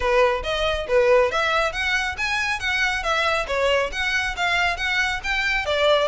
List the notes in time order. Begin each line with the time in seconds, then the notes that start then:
0.00 B4
0.43 D#5
0.88 B4
1.31 E5
1.72 F#5
2.17 G#5
2.59 F#5
3.03 E5
3.47 C#5
3.92 F#5
4.36 F5
4.76 F#5
5.23 G5
5.65 D5